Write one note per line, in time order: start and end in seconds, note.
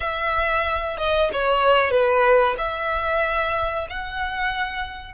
0.00 0.96 E5
0.97 1.29 D#5
1.32 1.91 C#5
1.91 2.55 B4
2.58 3.87 E5
3.89 5.14 F#5